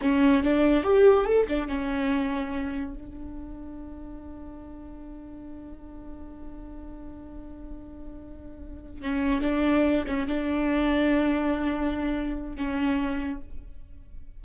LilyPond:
\new Staff \with { instrumentName = "viola" } { \time 4/4 \tempo 4 = 143 cis'4 d'4 g'4 a'8 d'8 | cis'2. d'4~ | d'1~ | d'1~ |
d'1~ | d'4. cis'4 d'4. | cis'8 d'2.~ d'8~ | d'2 cis'2 | }